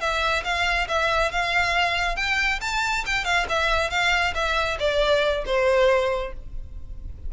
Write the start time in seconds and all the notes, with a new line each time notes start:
0.00 E5
0.44 F5
0.88 E5
1.31 F5
2.16 G5
2.61 A5
3.06 G5
3.25 F5
3.49 E5
3.90 F5
4.34 E5
4.79 D5
5.46 C5